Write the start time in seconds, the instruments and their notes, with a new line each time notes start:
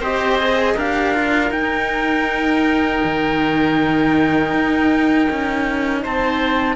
0.00 cello C4 G4, oboe C5, trumpet D#5
0.39 cello G#4
0.76 cello D4 G4, oboe A#4, trumpet F5
1.14 cello F4
1.51 cello D#4, trumpet G5
3.04 cello D#3
4.53 cello D#4
5.30 cello C#4
6.03 cello C4, oboe C5, trumpet A5